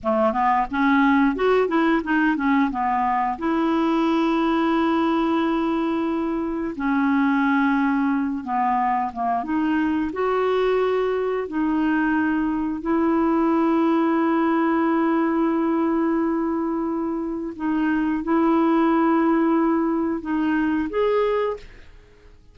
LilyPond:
\new Staff \with { instrumentName = "clarinet" } { \time 4/4 \tempo 4 = 89 a8 b8 cis'4 fis'8 e'8 dis'8 cis'8 | b4 e'2.~ | e'2 cis'2~ | cis'8 b4 ais8 dis'4 fis'4~ |
fis'4 dis'2 e'4~ | e'1~ | e'2 dis'4 e'4~ | e'2 dis'4 gis'4 | }